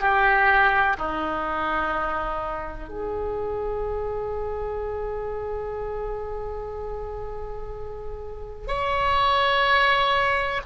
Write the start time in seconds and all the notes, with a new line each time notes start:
0.00 G4
0.98 D#4
2.89 G#4
8.67 C#5